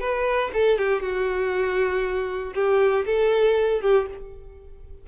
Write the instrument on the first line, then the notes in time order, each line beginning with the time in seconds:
violin
0.00 B4
0.53 A4
0.78 G4
1.02 F#4
2.55 G4
3.06 A4
3.81 G4